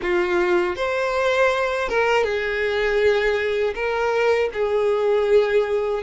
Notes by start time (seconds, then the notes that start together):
0.02 F4
0.76 C5
1.88 A#4
2.24 G#4
3.74 A#4
4.53 G#4